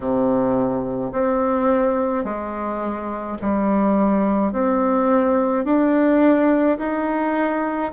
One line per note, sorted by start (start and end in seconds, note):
0.00 1.12 C3
1.12 2.24 C4
2.24 3.37 G#3
3.41 4.52 G3
4.52 5.64 C4
5.64 6.78 D4
6.78 7.91 D#4